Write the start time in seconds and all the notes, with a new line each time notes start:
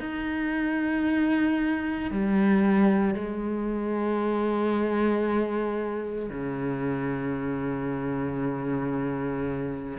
0.00 D#4
2.11 G3
3.14 G#3
6.30 C#3